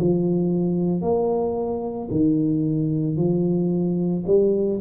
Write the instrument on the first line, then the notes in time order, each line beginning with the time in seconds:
tuba
0.00 F3
1.02 A#3
2.11 D#3
3.17 F3
4.27 G3